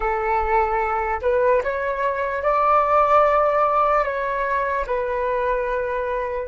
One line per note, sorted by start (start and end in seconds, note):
0.00 1.21 A4
1.21 1.62 B4
1.63 2.43 C#5
2.43 4.04 D5
4.04 4.85 C#5
4.86 6.47 B4